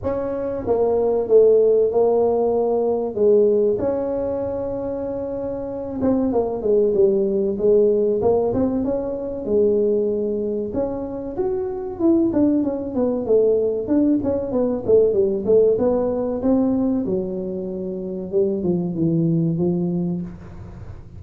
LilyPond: \new Staff \with { instrumentName = "tuba" } { \time 4/4 \tempo 4 = 95 cis'4 ais4 a4 ais4~ | ais4 gis4 cis'2~ | cis'4. c'8 ais8 gis8 g4 | gis4 ais8 c'8 cis'4 gis4~ |
gis4 cis'4 fis'4 e'8 d'8 | cis'8 b8 a4 d'8 cis'8 b8 a8 | g8 a8 b4 c'4 fis4~ | fis4 g8 f8 e4 f4 | }